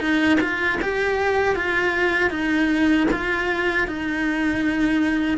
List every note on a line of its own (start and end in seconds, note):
0.00 0.38 D#4
0.40 0.79 F4
0.81 1.55 G4
1.55 2.30 F4
2.30 3.07 D#4
3.11 3.87 F4
3.87 5.38 D#4